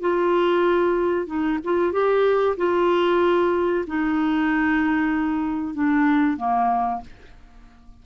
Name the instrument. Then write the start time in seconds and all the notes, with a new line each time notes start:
clarinet
0.00 F4
1.26 D#4
1.64 F4
1.92 G4
2.57 F4
3.87 D#4
5.74 D4
6.37 A#3